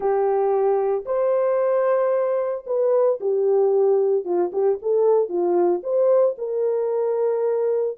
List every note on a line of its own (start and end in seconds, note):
0.00 1.04 G4
1.05 2.65 C5
2.66 3.19 B4
3.20 4.24 G4
4.24 4.51 F4
4.52 4.79 G4
4.81 5.28 A4
5.28 5.81 F4
5.83 6.36 C5
6.38 7.97 A#4